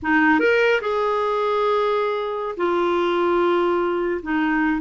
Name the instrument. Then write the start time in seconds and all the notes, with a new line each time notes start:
clarinet
0.02 D#4
0.39 A#4
0.81 G#4
2.56 F4
4.22 D#4